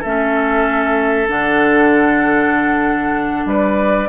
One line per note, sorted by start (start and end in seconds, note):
0.00 1.29 A3
0.00 1.27 C#4
0.00 3.44 A4
0.00 1.28 E5
1.27 3.45 D3
1.27 4.08 D4
1.27 3.48 F#5
3.45 4.08 G3
3.45 4.09 B4
3.45 4.09 D5